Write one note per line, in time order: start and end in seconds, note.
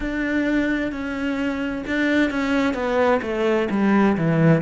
0.00 0.92 D4
0.92 1.84 C#4
1.86 2.30 D4
2.30 2.74 C#4
2.74 3.20 B3
3.22 3.68 A3
3.70 4.16 G3
4.17 4.62 E3